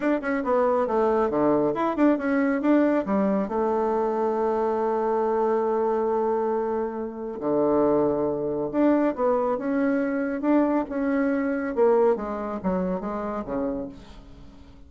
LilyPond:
\new Staff \with { instrumentName = "bassoon" } { \time 4/4 \tempo 4 = 138 d'8 cis'8 b4 a4 d4 | e'8 d'8 cis'4 d'4 g4 | a1~ | a1~ |
a4 d2. | d'4 b4 cis'2 | d'4 cis'2 ais4 | gis4 fis4 gis4 cis4 | }